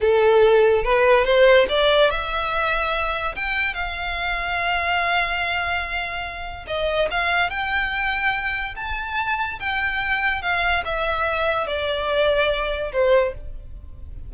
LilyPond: \new Staff \with { instrumentName = "violin" } { \time 4/4 \tempo 4 = 144 a'2 b'4 c''4 | d''4 e''2. | g''4 f''2.~ | f''1 |
dis''4 f''4 g''2~ | g''4 a''2 g''4~ | g''4 f''4 e''2 | d''2. c''4 | }